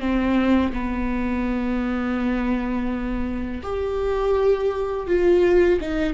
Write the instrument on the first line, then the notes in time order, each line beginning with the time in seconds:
viola
0.00 C4
0.73 B3
3.63 G4
5.07 F4
5.81 D#4